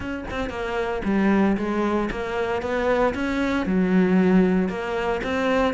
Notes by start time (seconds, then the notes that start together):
0.00 C#4
0.30 C4
0.49 A#3
1.04 G3
1.57 G#3
2.10 A#3
2.61 B3
3.14 C#4
3.66 F#3
4.68 A#3
5.23 C4